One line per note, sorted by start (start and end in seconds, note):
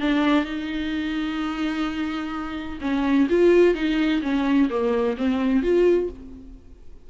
0.00 0.45 D4
0.45 2.79 D#4
2.81 3.27 C#4
3.29 3.74 F4
3.74 4.21 D#4
4.22 4.69 C#4
4.70 5.16 A#3
5.17 5.62 C4
5.62 6.09 F4